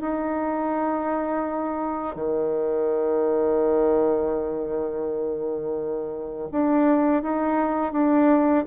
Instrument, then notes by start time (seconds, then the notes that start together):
bassoon
0.00 D#4
2.15 D#3
6.51 D4
7.22 D#4
7.92 D4